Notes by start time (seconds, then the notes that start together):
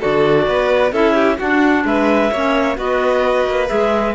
0.00 D3 F#4 A4 D5
0.47 B3 B4
0.92 C#4 E4 A4 E5
1.15 G4
1.39 D4 F#4 F#5
1.85 G#3 B4 E5
2.31 A#3 C#4 C#5
2.76 B3 F#4 B4 D#5
3.47 A#3
3.67 G#3 G#4 E5